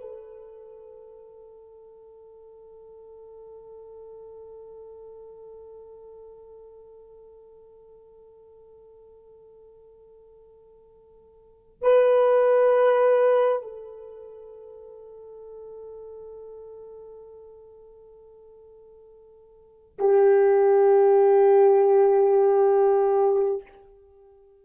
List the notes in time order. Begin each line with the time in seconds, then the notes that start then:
0.00 A4
11.81 B4
13.62 A4
19.98 G4